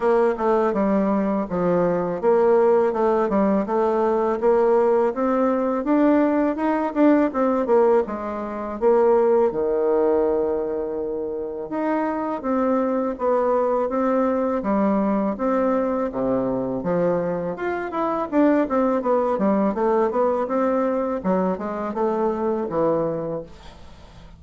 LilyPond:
\new Staff \with { instrumentName = "bassoon" } { \time 4/4 \tempo 4 = 82 ais8 a8 g4 f4 ais4 | a8 g8 a4 ais4 c'4 | d'4 dis'8 d'8 c'8 ais8 gis4 | ais4 dis2. |
dis'4 c'4 b4 c'4 | g4 c'4 c4 f4 | f'8 e'8 d'8 c'8 b8 g8 a8 b8 | c'4 fis8 gis8 a4 e4 | }